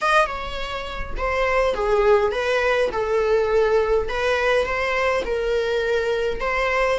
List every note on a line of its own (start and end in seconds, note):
0.01 0.26 D#5
0.26 1.14 C#5
1.17 1.74 C5
1.74 2.31 G#4
2.31 2.89 B4
2.92 4.08 A4
4.08 4.65 B4
4.65 5.23 C5
5.25 6.40 A#4
6.40 6.98 C5